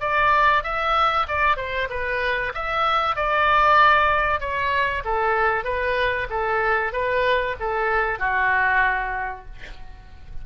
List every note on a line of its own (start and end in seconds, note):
0.00 0.63 D5
0.63 1.26 E5
1.27 1.56 D5
1.56 1.88 C5
1.89 2.53 B4
2.54 3.16 E5
3.16 4.40 D5
4.40 5.03 C#5
5.04 5.64 A4
5.64 6.27 B4
6.30 6.92 A4
6.92 7.56 B4
7.60 8.19 A4
8.19 9.45 F#4